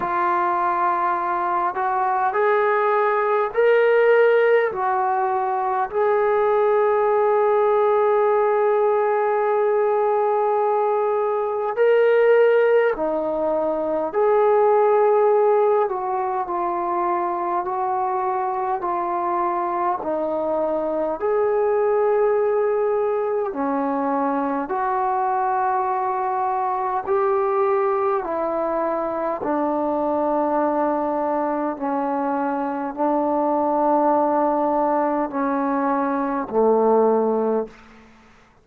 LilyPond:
\new Staff \with { instrumentName = "trombone" } { \time 4/4 \tempo 4 = 51 f'4. fis'8 gis'4 ais'4 | fis'4 gis'2.~ | gis'2 ais'4 dis'4 | gis'4. fis'8 f'4 fis'4 |
f'4 dis'4 gis'2 | cis'4 fis'2 g'4 | e'4 d'2 cis'4 | d'2 cis'4 a4 | }